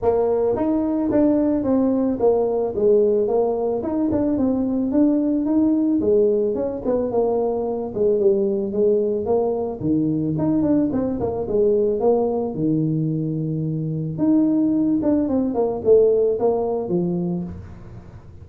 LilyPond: \new Staff \with { instrumentName = "tuba" } { \time 4/4 \tempo 4 = 110 ais4 dis'4 d'4 c'4 | ais4 gis4 ais4 dis'8 d'8 | c'4 d'4 dis'4 gis4 | cis'8 b8 ais4. gis8 g4 |
gis4 ais4 dis4 dis'8 d'8 | c'8 ais8 gis4 ais4 dis4~ | dis2 dis'4. d'8 | c'8 ais8 a4 ais4 f4 | }